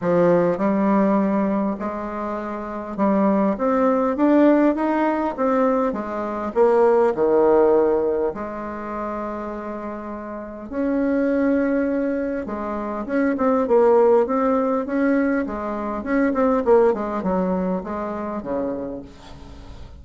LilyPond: \new Staff \with { instrumentName = "bassoon" } { \time 4/4 \tempo 4 = 101 f4 g2 gis4~ | gis4 g4 c'4 d'4 | dis'4 c'4 gis4 ais4 | dis2 gis2~ |
gis2 cis'2~ | cis'4 gis4 cis'8 c'8 ais4 | c'4 cis'4 gis4 cis'8 c'8 | ais8 gis8 fis4 gis4 cis4 | }